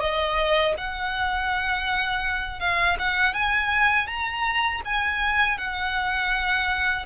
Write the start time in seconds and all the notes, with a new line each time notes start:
0.00 D#5
0.77 F#5
2.60 F5
2.99 F#5
3.34 G#5
4.07 A#5
4.85 G#5
5.57 F#5